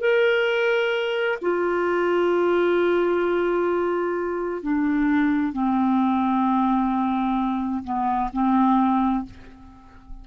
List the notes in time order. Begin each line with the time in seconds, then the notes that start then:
0.00 A#4
1.41 F4
4.62 D4
5.53 C4
7.84 B3
8.32 C4